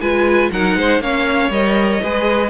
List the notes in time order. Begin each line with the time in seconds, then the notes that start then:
0.00 G#3 F4 B4 G#5
0.51 F#3 D#4 A#4 F#5
0.75 G#3 C5
1.00 A#3 C#4 C#5 F5
1.49 G3 A#4 D#5
2.02 G#3 G#4 B4